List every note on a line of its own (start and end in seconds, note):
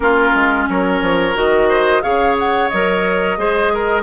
0.00 0.32 A#3
0.00 1.34 C#4
0.00 0.69 F4
0.00 0.65 A#4
0.34 0.68 G#3
0.69 1.01 F#3
0.69 1.68 A#4
0.69 1.37 C#5
1.01 1.35 F3
1.34 2.02 D#3
1.34 2.01 F#4
1.34 2.02 D#5
1.68 2.02 C5
2.02 2.70 C#3
2.02 2.69 G#4
2.02 3.38 C#5
2.02 2.35 F5
2.38 2.68 F#5
2.68 3.37 F#3
2.68 3.38 A#4
2.68 4.03 D#5
3.37 4.03 G#3
3.37 4.03 G#4
3.37 3.72 C5
3.74 4.03 A#4